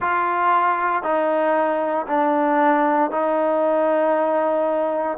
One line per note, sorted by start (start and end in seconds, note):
0.00 1.03 F4
1.03 2.06 D#4
2.07 3.10 D4
3.10 5.17 D#4